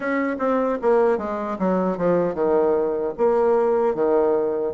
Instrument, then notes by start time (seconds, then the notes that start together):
bassoon
0.00 C#4
0.38 C4
0.81 A#3
1.18 G#3
1.58 F#3
1.97 F3
2.34 D#3
3.17 A#3
3.95 D#3